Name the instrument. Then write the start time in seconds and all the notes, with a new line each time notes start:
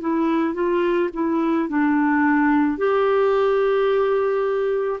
clarinet
0.00 E4
0.54 F4
1.13 E4
1.69 D4
2.77 G4